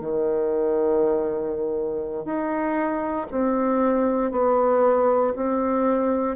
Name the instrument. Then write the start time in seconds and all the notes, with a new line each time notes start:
bassoon
0.00 D#3
2.25 D#4
3.31 C4
4.31 B3
5.36 C4